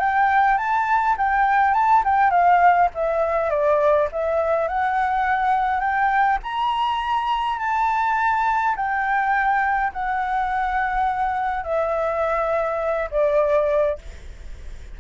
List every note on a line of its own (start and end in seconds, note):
0.00 0.58 G5
0.58 1.16 A5
1.18 1.74 G5
1.74 2.03 A5
2.05 2.31 G5
2.31 2.89 F5
2.95 3.50 E5
3.50 4.09 D5
4.12 4.68 E5
4.68 5.81 F#5
5.81 6.39 G5
6.44 7.59 A#5
7.59 8.76 A5
8.76 9.93 G5
9.93 11.64 F#5
11.64 13.10 E5
13.11 13.99 D5